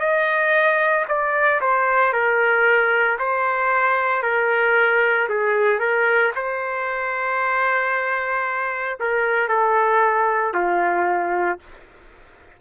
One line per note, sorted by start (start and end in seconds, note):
0.00 1.05 D#5
1.08 1.61 D5
1.61 2.13 C5
2.13 3.18 A#4
3.19 4.23 C5
4.23 5.28 A#4
5.29 5.79 G#4
5.79 6.32 A#4
6.35 8.99 C5
9.00 9.49 A#4
9.49 10.54 A4
10.54 11.59 F4